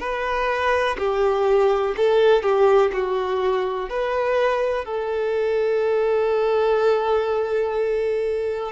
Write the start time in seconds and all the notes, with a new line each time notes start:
0.00 B4
0.99 G4
1.97 A4
2.43 G4
2.93 F#4
3.90 B4
4.85 A4